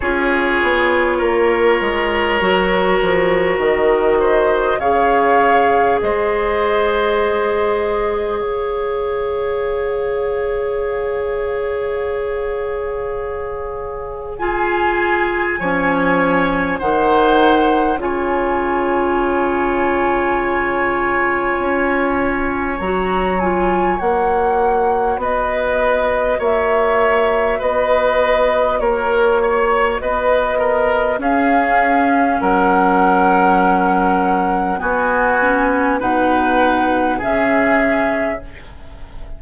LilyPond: <<
  \new Staff \with { instrumentName = "flute" } { \time 4/4 \tempo 4 = 50 cis''2. dis''4 | f''4 dis''2 f''4~ | f''1 | gis''2 fis''4 gis''4~ |
gis''2. ais''8 gis''8 | fis''4 dis''4 e''4 dis''4 | cis''4 dis''4 f''4 fis''4~ | fis''4 gis''4 fis''4 e''4 | }
  \new Staff \with { instrumentName = "oboe" } { \time 4/4 gis'4 ais'2~ ais'8 c''8 | cis''4 c''2 cis''4~ | cis''1 | gis'4 cis''4 c''4 cis''4~ |
cis''1~ | cis''4 b'4 cis''4 b'4 | ais'8 cis''8 b'8 ais'8 gis'4 ais'4~ | ais'4 fis'4 b'4 gis'4 | }
  \new Staff \with { instrumentName = "clarinet" } { \time 4/4 f'2 fis'2 | gis'1~ | gis'1 | f'4 cis'4 dis'4 f'4~ |
f'2. fis'8 f'8 | fis'1~ | fis'2 cis'2~ | cis'4 b8 cis'8 dis'4 cis'4 | }
  \new Staff \with { instrumentName = "bassoon" } { \time 4/4 cis'8 b8 ais8 gis8 fis8 f8 dis4 | cis4 gis2 cis4~ | cis1~ | cis4 f4 dis4 cis4~ |
cis2 cis'4 fis4 | ais4 b4 ais4 b4 | ais4 b4 cis'4 fis4~ | fis4 b4 b,4 cis4 | }
>>